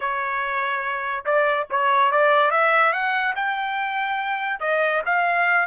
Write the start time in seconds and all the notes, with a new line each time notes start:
0.00 C#5
1.25 D5
1.70 C#5
2.11 D5
2.50 E5
2.92 F#5
3.35 G5
4.59 D#5
5.05 F5